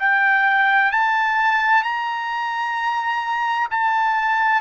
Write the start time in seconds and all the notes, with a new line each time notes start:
0.00 G5
0.92 A5
1.84 A#5
3.71 A5